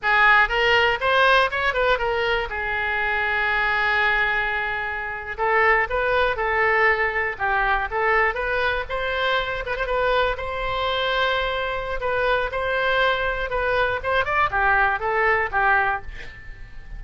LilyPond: \new Staff \with { instrumentName = "oboe" } { \time 4/4 \tempo 4 = 120 gis'4 ais'4 c''4 cis''8 b'8 | ais'4 gis'2.~ | gis'2~ gis'8. a'4 b'16~ | b'8. a'2 g'4 a'16~ |
a'8. b'4 c''4. b'16 c''16 b'16~ | b'8. c''2.~ c''16 | b'4 c''2 b'4 | c''8 d''8 g'4 a'4 g'4 | }